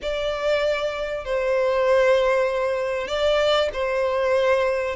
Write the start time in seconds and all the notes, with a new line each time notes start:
0.02 D5
1.24 C5
3.07 D5
3.73 C5